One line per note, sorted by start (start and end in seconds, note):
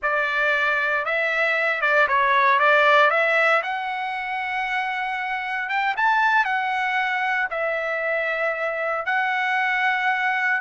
0.02 1.05 D5
1.05 1.81 E5
1.81 2.07 D5
2.08 2.59 C#5
2.59 3.10 D5
3.10 3.62 E5
3.62 5.69 F#5
5.69 5.95 G5
5.96 6.44 A5
6.44 7.48 F#5
7.50 9.05 E5
9.05 10.60 F#5